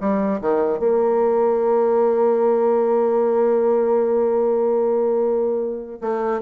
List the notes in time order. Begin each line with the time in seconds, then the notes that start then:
0.00 G3
0.41 D#3
0.79 A#3
6.01 A3